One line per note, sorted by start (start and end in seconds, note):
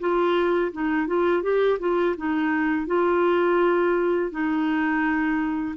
0.00 0.72 F4
0.72 1.07 D#4
1.07 1.43 F4
1.43 1.79 G4
1.80 2.16 F4
2.17 2.87 D#4
2.87 4.31 F4
4.31 5.76 D#4